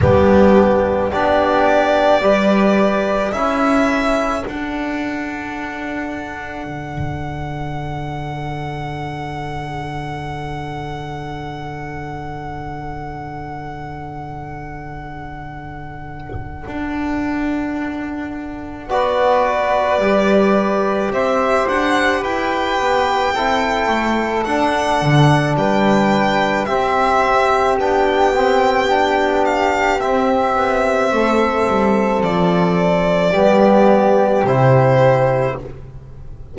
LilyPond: <<
  \new Staff \with { instrumentName = "violin" } { \time 4/4 \tempo 4 = 54 g'4 d''2 e''4 | fis''1~ | fis''1~ | fis''1~ |
fis''4 d''2 e''8 fis''8 | g''2 fis''4 g''4 | e''4 g''4. f''8 e''4~ | e''4 d''2 c''4 | }
  \new Staff \with { instrumentName = "flute" } { \time 4/4 d'4 g'4 b'4 a'4~ | a'1~ | a'1~ | a'1~ |
a'4 b'2 c''4 | b'4 a'2 b'4 | g'1 | a'2 g'2 | }
  \new Staff \with { instrumentName = "trombone" } { \time 4/4 b4 d'4 g'4 e'4 | d'1~ | d'1~ | d'1~ |
d'4 fis'4 g'2~ | g'4 e'4 d'2 | c'4 d'8 c'8 d'4 c'4~ | c'2 b4 e'4 | }
  \new Staff \with { instrumentName = "double bass" } { \time 4/4 g4 b4 g4 cis'4 | d'2 d2~ | d1~ | d2. d'4~ |
d'4 b4 g4 c'8 d'8 | e'8 b8 c'8 a8 d'8 d8 g4 | c'4 b2 c'8 b8 | a8 g8 f4 g4 c4 | }
>>